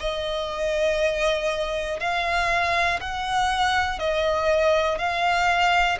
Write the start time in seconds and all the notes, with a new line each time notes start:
0.00 D#5
2.00 F5
3.01 F#5
4.00 D#5
4.99 F5